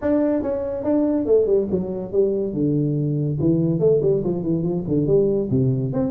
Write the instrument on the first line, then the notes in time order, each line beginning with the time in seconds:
tuba
0.01 D4
0.42 C#4
0.83 D4
1.25 A3
1.46 G3
1.71 F#3
2.11 G3
2.53 D3
3.39 E3
3.79 A3
4.02 G3
4.23 F3
4.43 E3
4.63 F3
4.87 D3
5.06 G3
5.50 C3
5.92 C4